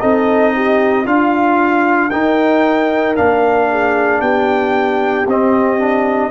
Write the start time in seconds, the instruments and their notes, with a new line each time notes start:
0.00 tuba C4, trombone D#4, horn A4, trumpet D#5
0.55 horn G4
1.04 tuba D4, horn F4, trombone F4, trumpet F5
2.10 trombone D#4, tuba D#4, horn A#4, trumpet G5
3.16 tuba A#3, trombone D4, trumpet F5
3.71 horn G#4
4.21 tuba B3, horn G4, trumpet G5
5.27 tuba C4, trombone C4, trumpet D#5
5.79 trombone D4